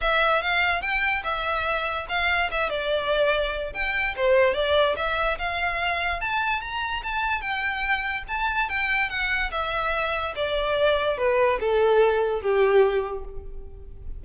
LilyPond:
\new Staff \with { instrumentName = "violin" } { \time 4/4 \tempo 4 = 145 e''4 f''4 g''4 e''4~ | e''4 f''4 e''8 d''4.~ | d''4 g''4 c''4 d''4 | e''4 f''2 a''4 |
ais''4 a''4 g''2 | a''4 g''4 fis''4 e''4~ | e''4 d''2 b'4 | a'2 g'2 | }